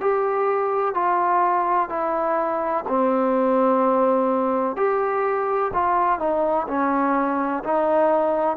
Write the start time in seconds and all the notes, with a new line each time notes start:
0.00 G4
0.94 F4
1.89 E4
2.88 C4
4.76 G4
5.74 F4
6.19 D#4
6.68 C#4
7.64 D#4